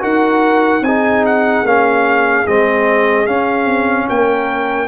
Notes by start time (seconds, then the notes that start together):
0.00 D#4 F#4 A#4 F#5
0.81 C4 D#4 G#4 G#5
1.25 F#5
1.63 A#3 C#4 F5
2.47 G#3 C4 D#5
3.26 C#4 F5
3.66 C4
4.09 A#3 A#4 G5